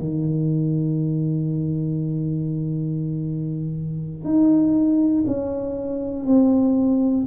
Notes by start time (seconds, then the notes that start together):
0.00 D#3
4.25 D#4
5.27 C#4
6.27 C4